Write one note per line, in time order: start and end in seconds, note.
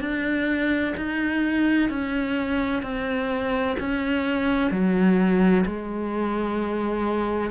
0.00 0.94 D4
0.96 1.89 D#4
1.89 2.82 C#4
2.82 3.76 C4
3.79 4.70 C#4
4.70 5.64 F#3
5.65 7.50 G#3